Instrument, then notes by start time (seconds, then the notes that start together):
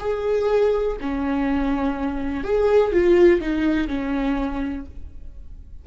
viola
0.00 G#4
1.01 C#4
2.45 G#4
2.93 F4
3.41 D#4
3.88 C#4